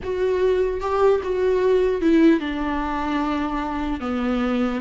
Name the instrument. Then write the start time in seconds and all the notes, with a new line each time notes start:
viola
0.03 F#4
0.81 G4
1.23 F#4
2.01 E4
2.40 D4
4.00 B3